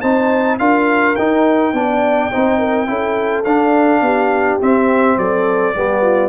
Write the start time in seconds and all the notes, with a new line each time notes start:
0.00 C4 D#4 C5 A5
0.58 D4 F4 A#4 F5
1.15 D#4 G5
1.73 B3 D4 D5
2.31 C4 D#4 C5
2.58 A#4
2.86 C#4 E4 A4
3.44 D4 F5
4.01 B3 G4
4.60 C4 E5
5.16 F#3 A4 D5
5.74 G3 B3 G4
6.01 F4